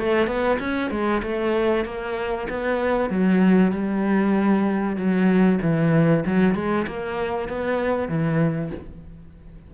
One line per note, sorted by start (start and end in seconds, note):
0.00 0.28 A3
0.28 0.59 B3
0.60 0.91 C#4
0.91 1.22 G#3
1.23 1.86 A3
1.86 2.48 A#3
2.50 3.11 B3
3.11 3.72 F#3
3.72 4.97 G3
4.97 5.60 F#3
5.62 6.25 E3
6.26 6.55 F#3
6.55 6.87 G#3
6.87 7.49 A#3
7.49 8.09 B3
8.09 8.71 E3